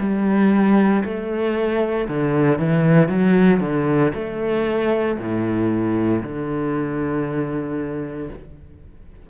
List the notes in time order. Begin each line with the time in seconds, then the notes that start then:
0.00 G3
1.04 A3
2.08 D3
2.59 E3
3.08 F#3
3.60 D3
4.14 A3
5.19 A2
6.23 D3